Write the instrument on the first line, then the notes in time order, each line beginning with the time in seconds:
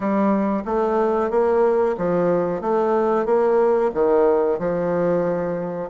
bassoon
0.00 G3
0.65 A3
1.30 A#3
1.97 F3
2.61 A3
3.25 A#3
3.94 D#3
4.59 F3